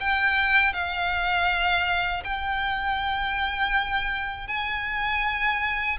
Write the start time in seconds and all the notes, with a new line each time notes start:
0.00 G5
0.74 F5
2.24 G5
4.48 G#5